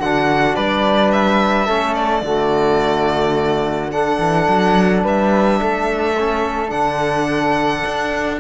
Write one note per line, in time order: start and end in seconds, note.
0.00 0.56 D3
0.00 1.68 D4
0.00 0.56 F#4
0.00 0.55 F#5
0.55 1.68 G3
0.55 1.66 B4
0.55 1.11 D5
1.11 1.94 E5
1.66 2.22 A3
1.66 2.24 C#4
1.66 2.22 A4
1.94 3.91 D5
2.22 4.18 D3
2.22 3.92 A3
2.22 3.93 F#4
3.92 6.16 D4
3.92 5.03 A4
3.92 5.04 F#5
4.19 4.47 E3
4.48 5.04 F#3
5.03 5.61 G3
5.03 5.59 B4
5.03 6.70 E5
5.61 6.71 A3
5.61 8.40 A4
6.18 6.68 C#4
6.68 7.83 D3
6.68 8.36 D4
6.68 8.39 F#5
7.86 8.40 D4